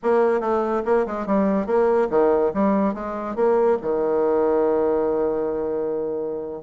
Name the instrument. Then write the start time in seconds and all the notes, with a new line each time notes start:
bassoon
0.02 A#3
0.40 A3
0.85 A#3
1.06 G#3
1.26 G3
1.66 A#3
2.10 D#3
2.53 G3
2.94 G#3
3.35 A#3
3.81 D#3